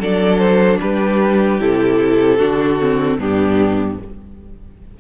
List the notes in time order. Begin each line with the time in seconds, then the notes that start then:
0.00 F#3 D4 A4 D5
0.38 C5
0.80 G3 G4 B4
1.60 C3 E4 A4
2.38 D3 D4 F#4
2.81 C4
3.19 G2 B3 D4 G4